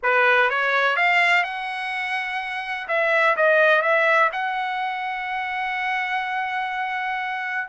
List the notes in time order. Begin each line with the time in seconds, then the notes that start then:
0.02 B4
0.49 C#5
0.96 F5
1.43 F#5
2.88 E5
3.36 D#5
3.82 E5
4.32 F#5